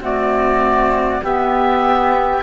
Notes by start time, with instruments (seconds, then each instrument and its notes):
0.00 clarinet A3, cello C4, flute F#4, oboe D5
1.23 cello B3, clarinet B3, flute G4, oboe E5